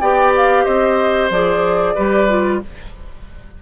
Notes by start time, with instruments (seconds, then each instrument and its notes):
0.00 bassoon B3, clarinet G4, oboe D5, flute G5
0.37 flute F5
0.65 bassoon C4, oboe C5, flute D#5
1.30 bassoon F3, clarinet G#4, flute D5
1.95 bassoon G3, clarinet G4, oboe B4
2.29 clarinet F4